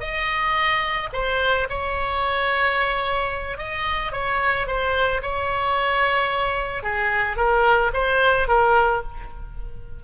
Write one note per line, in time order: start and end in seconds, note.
0.00 1.09 D#5
1.13 1.68 C5
1.69 3.58 C#5
3.58 4.12 D#5
4.12 4.67 C#5
4.67 5.21 C5
5.22 6.83 C#5
6.83 7.37 G#4
7.37 7.91 A#4
7.93 8.48 C5
8.48 9.02 A#4